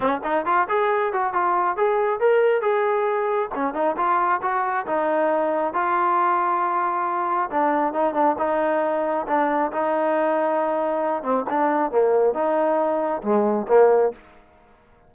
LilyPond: \new Staff \with { instrumentName = "trombone" } { \time 4/4 \tempo 4 = 136 cis'8 dis'8 f'8 gis'4 fis'8 f'4 | gis'4 ais'4 gis'2 | cis'8 dis'8 f'4 fis'4 dis'4~ | dis'4 f'2.~ |
f'4 d'4 dis'8 d'8 dis'4~ | dis'4 d'4 dis'2~ | dis'4. c'8 d'4 ais4 | dis'2 gis4 ais4 | }